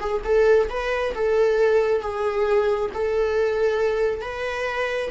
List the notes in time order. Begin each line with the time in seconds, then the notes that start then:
0.00 G#4
0.24 A4
0.69 B4
1.15 A4
2.01 G#4
2.94 A4
4.21 B4